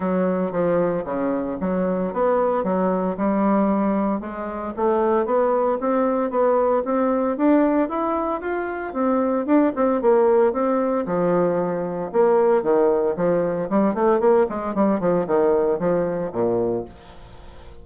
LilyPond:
\new Staff \with { instrumentName = "bassoon" } { \time 4/4 \tempo 4 = 114 fis4 f4 cis4 fis4 | b4 fis4 g2 | gis4 a4 b4 c'4 | b4 c'4 d'4 e'4 |
f'4 c'4 d'8 c'8 ais4 | c'4 f2 ais4 | dis4 f4 g8 a8 ais8 gis8 | g8 f8 dis4 f4 ais,4 | }